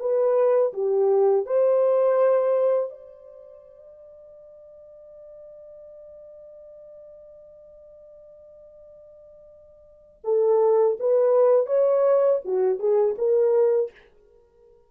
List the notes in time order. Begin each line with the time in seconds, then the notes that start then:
0.00 B4
0.74 G4
1.46 C5
2.90 D5
10.24 A4
11.00 B4
11.67 C#5
12.45 F#4
12.79 G#4
13.18 A#4